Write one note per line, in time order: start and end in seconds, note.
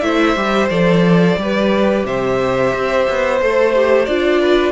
0.00 0.35 A3
0.00 0.36 E4
0.00 1.39 C5
0.00 0.67 E5
0.36 0.69 G3
0.36 0.70 G4
0.69 1.36 F3
0.69 1.37 A4
0.69 2.04 D5
1.36 2.03 G3
1.36 3.40 G4
1.36 2.06 B4
2.04 2.72 C3
2.04 4.40 C5
2.04 3.41 E5
2.73 3.07 C4
3.09 3.41 B3
3.41 4.07 A3
3.41 3.75 A4
3.41 4.05 C5
3.75 4.07 G4
4.05 4.72 D4
4.05 4.72 F4
4.05 4.72 D5
4.40 4.72 B4